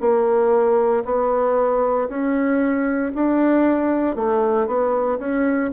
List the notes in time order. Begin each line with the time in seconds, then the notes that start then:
0.00 A#3
1.05 B3
2.08 C#4
3.15 D4
4.15 A3
4.66 B3
5.19 C#4